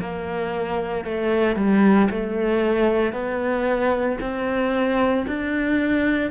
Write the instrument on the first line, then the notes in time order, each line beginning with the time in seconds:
cello
0.00 A#3
1.05 A3
1.56 G3
2.11 A3
3.12 B3
4.21 C4
5.27 D4